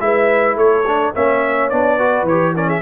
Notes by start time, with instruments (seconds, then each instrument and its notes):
0.00 tuba G#3, trombone E4, horn B4, trumpet E5
0.56 tuba A3, horn A4, trumpet C#5
0.87 trombone D4
1.14 tuba A#3, trombone C#4, horn C#5, trumpet E5
1.70 tuba B3, trombone D4, trumpet D5
1.97 trombone F#4, horn B4
2.23 tuba E3, trumpet C#5
2.30 trombone G4
2.54 trombone C#4, horn A#4, trumpet D5
2.67 horn G#4, trumpet E5